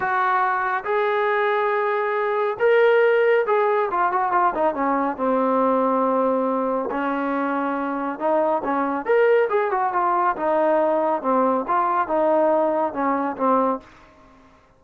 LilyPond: \new Staff \with { instrumentName = "trombone" } { \time 4/4 \tempo 4 = 139 fis'2 gis'2~ | gis'2 ais'2 | gis'4 f'8 fis'8 f'8 dis'8 cis'4 | c'1 |
cis'2. dis'4 | cis'4 ais'4 gis'8 fis'8 f'4 | dis'2 c'4 f'4 | dis'2 cis'4 c'4 | }